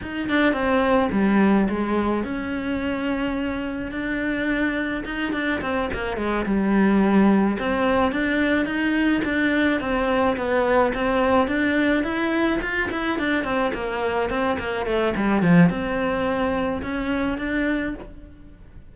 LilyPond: \new Staff \with { instrumentName = "cello" } { \time 4/4 \tempo 4 = 107 dis'8 d'8 c'4 g4 gis4 | cis'2. d'4~ | d'4 dis'8 d'8 c'8 ais8 gis8 g8~ | g4. c'4 d'4 dis'8~ |
dis'8 d'4 c'4 b4 c'8~ | c'8 d'4 e'4 f'8 e'8 d'8 | c'8 ais4 c'8 ais8 a8 g8 f8 | c'2 cis'4 d'4 | }